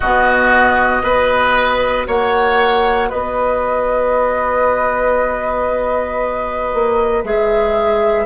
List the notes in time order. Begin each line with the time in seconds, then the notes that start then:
0.00 B2 B3 F#4 D#5
1.02 B3 F#4 B4
2.07 A#3 C#5 F#5
3.09 B3 B4 D#5
6.73 A#3
7.23 G#3 G#4 E5